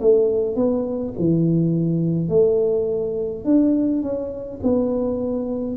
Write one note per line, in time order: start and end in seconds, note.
0.00 0.56 A3
0.56 1.13 B3
1.18 2.29 E3
2.29 3.44 A3
3.44 4.02 D4
4.02 4.59 C#4
4.63 5.76 B3